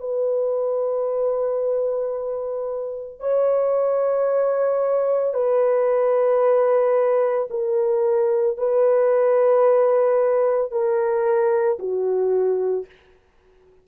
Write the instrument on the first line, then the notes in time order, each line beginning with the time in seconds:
horn
0.00 B4
3.20 C#5
5.34 B4
7.50 A#4
8.58 B4
10.71 A#4
11.79 F#4